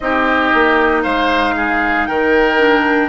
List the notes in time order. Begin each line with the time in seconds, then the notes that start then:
0.00 C4 D#4 G4 D#5
0.53 A#3
1.02 G#3 C5 F5
1.56 G#4
2.06 D#3 A#4 G5
2.58 D4